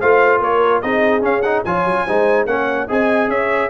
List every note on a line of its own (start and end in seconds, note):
0.00 0.40 A3
0.00 0.84 F4
0.00 0.41 C5
0.00 0.42 F5
0.40 0.81 A#3
0.40 0.84 A#4
0.40 0.82 C#5
0.82 1.22 C4
0.82 1.22 D#4
0.82 1.66 G#4
0.82 1.23 D#5
1.22 1.63 C#4
1.22 1.42 C#4
1.22 1.42 F5
1.42 1.66 D#4
1.42 1.63 F#5
1.65 1.86 F3
1.65 2.08 F4
1.65 2.06 C#5
1.65 2.46 G#5
1.86 2.06 F#3
2.06 2.46 G#3
2.06 2.48 D#4
2.06 2.46 C5
2.46 2.87 A#3
2.46 2.89 C#4
2.46 2.87 C#5
2.46 2.88 F#5
2.88 3.28 C4
2.88 3.70 G#4
2.88 3.29 D#5
2.88 3.30 G#5
3.28 3.69 C#4
3.28 3.70 C#5
3.28 3.70 E5